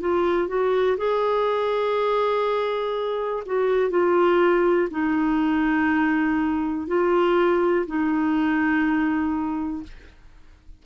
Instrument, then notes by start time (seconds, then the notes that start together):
clarinet
0.00 F4
0.48 F#4
0.97 G#4
3.46 F#4
3.90 F4
4.90 D#4
6.87 F4
7.86 D#4